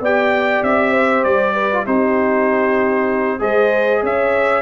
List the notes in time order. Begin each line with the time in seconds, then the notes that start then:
0.00 B3 G4 D5 G5
0.63 C4 E5
0.91 C5
1.24 G3 D5
1.53 B4
1.72 F4
1.85 C4 D#4 G4 C5
3.39 G#3 G#4 C5 D#5
4.03 C#4 C#5 E5